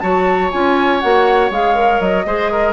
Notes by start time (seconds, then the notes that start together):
0.00 F#3 F#4 C#5 A5
0.51 C#4 F4 G#5
1.00 A#3 F#4 F#5
1.50 G#3 G#4 F5
1.75 A#4
2.01 F#3 D#5
2.26 G#3 G#4 C5
2.52 A#4